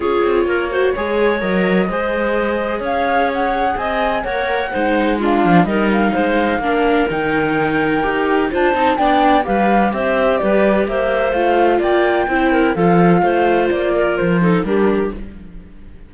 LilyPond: <<
  \new Staff \with { instrumentName = "flute" } { \time 4/4 \tempo 4 = 127 cis''2. dis''4~ | dis''2 f''4 fis''4 | gis''4 fis''2 f''4 | dis''8 f''2~ f''8 g''4~ |
g''2 a''4 g''4 | f''4 e''4 d''4 e''4 | f''4 g''2 f''4~ | f''4 d''4 c''4 ais'4 | }
  \new Staff \with { instrumentName = "clarinet" } { \time 4/4 gis'4 ais'8 c''8 cis''2 | c''2 cis''2 | dis''4 cis''4 c''4 f'4 | ais'4 c''4 ais'2~ |
ais'2 c''4 d''4 | b'4 c''4 b'4 c''4~ | c''4 d''4 c''8 ais'8 a'4 | c''4. ais'4 a'8 g'4 | }
  \new Staff \with { instrumentName = "viola" } { \time 4/4 f'4. fis'8 gis'4 ais'4 | gis'1~ | gis'4 ais'4 dis'4 d'4 | dis'2 d'4 dis'4~ |
dis'4 g'4 f'8 dis'8 d'4 | g'1 | f'2 e'4 f'4~ | f'2~ f'8 dis'8 d'4 | }
  \new Staff \with { instrumentName = "cello" } { \time 4/4 cis'8 c'8 ais4 gis4 fis4 | gis2 cis'2 | c'4 ais4 gis4. f8 | g4 gis4 ais4 dis4~ |
dis4 dis'4 d'8 c'8 b4 | g4 c'4 g4 ais4 | a4 ais4 c'4 f4 | a4 ais4 f4 g4 | }
>>